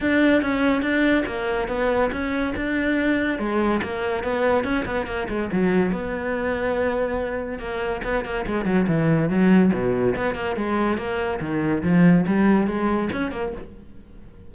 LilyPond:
\new Staff \with { instrumentName = "cello" } { \time 4/4 \tempo 4 = 142 d'4 cis'4 d'4 ais4 | b4 cis'4 d'2 | gis4 ais4 b4 cis'8 b8 | ais8 gis8 fis4 b2~ |
b2 ais4 b8 ais8 | gis8 fis8 e4 fis4 b,4 | b8 ais8 gis4 ais4 dis4 | f4 g4 gis4 cis'8 ais8 | }